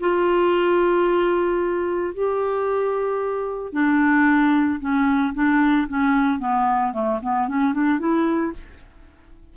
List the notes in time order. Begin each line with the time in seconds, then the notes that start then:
0.00 F4
2.14 G4
3.72 D4
4.80 C#4
5.34 D4
5.88 C#4
6.39 B3
6.93 A3
7.22 B3
7.48 C#4
7.74 D4
7.99 E4